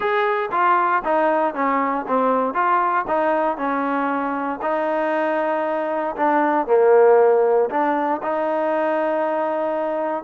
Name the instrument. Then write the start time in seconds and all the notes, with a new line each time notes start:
trombone
0.00 G#4
0.51 F4
1.04 D#4
1.54 C#4
2.07 C4
2.54 F4
3.07 D#4
3.57 C#4
4.62 D#4
6.16 D4
6.66 A#3
7.69 D4
8.22 D#4